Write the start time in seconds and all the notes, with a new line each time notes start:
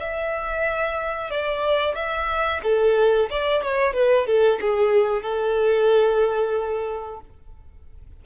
0.00 E5
1.31 D5
1.95 E5
2.63 A4
3.31 D5
3.63 C#5
3.94 B4
4.27 A4
4.61 G#4
5.23 A4